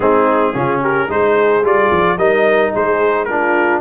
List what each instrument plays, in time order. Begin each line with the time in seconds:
0.00 tuba G#3, trombone C4, horn D#4, trumpet G#4
0.54 tuba C#3, trombone C#4, horn F4
0.81 horn G4, trumpet A#4
1.08 tuba G#3, trombone D#4, horn G#4, trumpet C5
1.63 tuba G3, trombone F4, trumpet D5
1.91 tuba F3
2.17 tuba G3, trombone D#4, horn A#4, trumpet D#5
2.72 tuba G#3, horn G#4, trumpet C5
3.25 trombone D4, horn F4, trumpet A#4